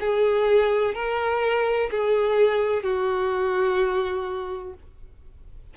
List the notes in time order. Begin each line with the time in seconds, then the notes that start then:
0.00 G#4
0.94 A#4
1.90 G#4
2.83 F#4